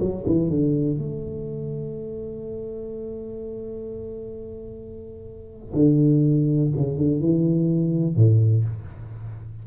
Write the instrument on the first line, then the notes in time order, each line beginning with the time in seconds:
tuba
0.00 F#3
0.26 E3
0.49 D3
0.98 A3
5.73 D3
6.76 C#3
6.97 D3
7.20 E3
8.16 A2